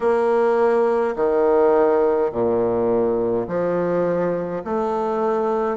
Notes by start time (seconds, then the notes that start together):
0.00 A#3
1.15 D#3
2.31 A#2
3.47 F3
4.64 A3